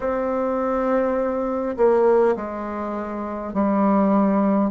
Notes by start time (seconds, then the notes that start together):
0.00 C4
1.76 A#3
2.36 G#3
3.53 G3